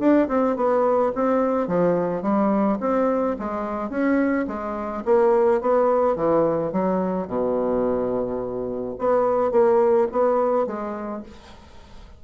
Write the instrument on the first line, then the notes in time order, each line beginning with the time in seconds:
bassoon
0.00 D4
0.29 C4
0.57 B3
1.16 C4
1.68 F3
2.23 G3
2.81 C4
3.39 G#3
3.90 C#4
4.48 G#3
5.05 A#3
5.62 B3
6.16 E3
6.72 F#3
7.28 B2
8.99 B3
9.52 A#3
10.12 B3
10.67 G#3